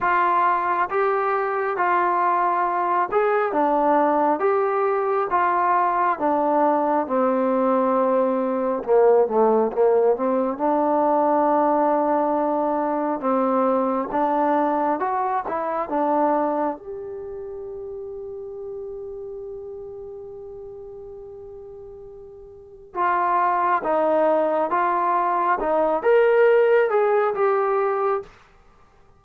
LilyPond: \new Staff \with { instrumentName = "trombone" } { \time 4/4 \tempo 4 = 68 f'4 g'4 f'4. gis'8 | d'4 g'4 f'4 d'4 | c'2 ais8 a8 ais8 c'8 | d'2. c'4 |
d'4 fis'8 e'8 d'4 g'4~ | g'1~ | g'2 f'4 dis'4 | f'4 dis'8 ais'4 gis'8 g'4 | }